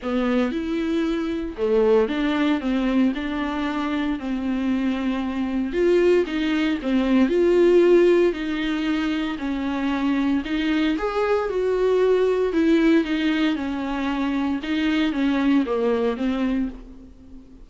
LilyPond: \new Staff \with { instrumentName = "viola" } { \time 4/4 \tempo 4 = 115 b4 e'2 a4 | d'4 c'4 d'2 | c'2. f'4 | dis'4 c'4 f'2 |
dis'2 cis'2 | dis'4 gis'4 fis'2 | e'4 dis'4 cis'2 | dis'4 cis'4 ais4 c'4 | }